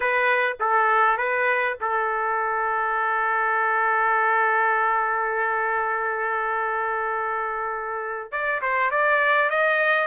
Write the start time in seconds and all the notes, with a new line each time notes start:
0.00 B4
0.59 A4
1.17 B4
1.80 A4
8.31 D5
8.61 C5
8.91 D5
9.49 D#5